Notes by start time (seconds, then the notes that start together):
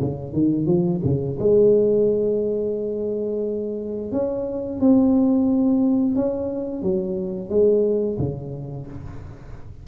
0.00 C#3
0.33 D#3
0.66 F3
1.04 C#3
1.39 G#3
4.12 C#4
4.80 C4
6.15 C#4
6.82 F#3
7.49 G#3
8.18 C#3